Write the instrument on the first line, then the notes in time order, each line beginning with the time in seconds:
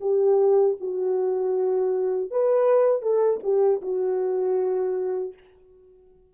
horn
0.00 G4
0.80 F#4
2.30 B4
3.01 A4
3.42 G4
3.81 F#4